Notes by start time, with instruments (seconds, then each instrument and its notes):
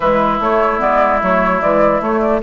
0.00 bassoon E3, clarinet G#3, oboe E4, flute B4
0.39 bassoon A3, clarinet A3, flute C#5
0.79 bassoon G#3, clarinet B3, flute D5
1.22 bassoon F#3, clarinet A3, flute C#5
1.61 bassoon E3, clarinet G#3, flute D5
2.00 clarinet A3, bassoon A3, flute C#5
2.20 flute D5